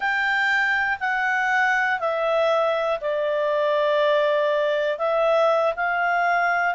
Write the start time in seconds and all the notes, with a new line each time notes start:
0.00 G5
1.00 F#5
1.99 E5
3.00 D5
4.98 E5
5.75 F5